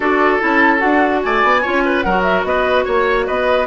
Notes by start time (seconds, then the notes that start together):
0.00 D4 F#4 A4 D5
0.40 C#4 E4 A5
0.78 D4 F#4 F#5
1.22 A3 D5 G#5
1.43 B3
1.62 C#4 F4 C#5
1.85 B4
2.01 F#3 A#4 F#5
2.08 F#4
2.22 E5
2.43 B3 B4 D#5
2.84 A#3 C#5
3.26 B3 B4 D#5